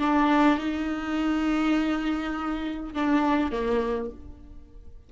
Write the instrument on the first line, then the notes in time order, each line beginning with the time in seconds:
viola
0.00 D4
0.58 D#4
2.94 D4
3.52 A#3